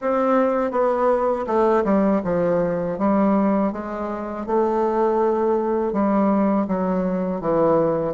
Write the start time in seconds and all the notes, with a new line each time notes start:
0.01 C4
0.71 B3
1.46 A3
1.84 G3
2.24 F3
2.98 G3
3.72 G#3
4.46 A3
5.92 G3
6.67 F#3
7.40 E3